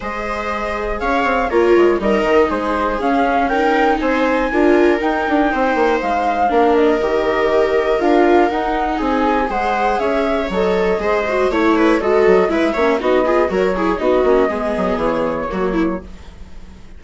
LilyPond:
<<
  \new Staff \with { instrumentName = "flute" } { \time 4/4 \tempo 4 = 120 dis''2 f''4 cis''4 | dis''4 c''4 f''4 g''4 | gis''2 g''2 | f''4. dis''2~ dis''8 |
f''4 fis''4 gis''4 fis''4 | e''4 dis''2 cis''4 | dis''4 e''4 dis''4 cis''4 | dis''2 cis''2 | }
  \new Staff \with { instrumentName = "viola" } { \time 4/4 c''2 cis''4 f'4 | ais'4 gis'2 ais'4 | c''4 ais'2 c''4~ | c''4 ais'2.~ |
ais'2 gis'4 c''4 | cis''2 c''4 cis''8 b'8 | a'4 b'8 cis''8 fis'8 gis'8 ais'8 gis'8 | fis'4 gis'2 fis'8 e'8 | }
  \new Staff \with { instrumentName = "viola" } { \time 4/4 gis'2. ais'4 | dis'2 cis'4 dis'4~ | dis'4 f'4 dis'2~ | dis'4 d'4 g'2 |
f'4 dis'2 gis'4~ | gis'4 a'4 gis'8 fis'8 e'4 | fis'4 e'8 cis'8 dis'8 f'8 fis'8 e'8 | dis'8 cis'8 b2 ais4 | }
  \new Staff \with { instrumentName = "bassoon" } { \time 4/4 gis2 cis'8 c'8 ais8 gis8 | g8 dis8 gis4 cis'2 | c'4 d'4 dis'8 d'8 c'8 ais8 | gis4 ais4 dis2 |
d'4 dis'4 c'4 gis4 | cis'4 fis4 gis4 a4 | gis8 fis8 gis8 ais8 b4 fis4 | b8 ais8 gis8 fis8 e4 fis4 | }
>>